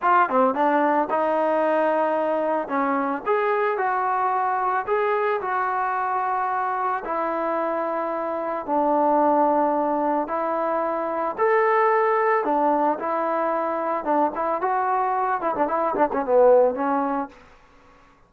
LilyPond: \new Staff \with { instrumentName = "trombone" } { \time 4/4 \tempo 4 = 111 f'8 c'8 d'4 dis'2~ | dis'4 cis'4 gis'4 fis'4~ | fis'4 gis'4 fis'2~ | fis'4 e'2. |
d'2. e'4~ | e'4 a'2 d'4 | e'2 d'8 e'8 fis'4~ | fis'8 e'16 d'16 e'8 d'16 cis'16 b4 cis'4 | }